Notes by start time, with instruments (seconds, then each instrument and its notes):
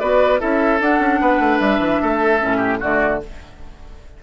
0.00 bassoon B3, clarinet F#4, oboe B4, flute D5
0.39 bassoon C#4, clarinet E4, oboe A4, flute E5
0.81 bassoon D4, clarinet D4, flute F#5
0.99 bassoon C#4
1.21 bassoon B3, oboe B4
1.40 bassoon A3
1.59 bassoon G3, flute E5
1.80 bassoon E3
2.02 bassoon A3, oboe A4
2.40 bassoon A2, clarinet C#4
2.57 oboe G4
2.80 bassoon D3, clarinet A3, oboe F#4, flute D5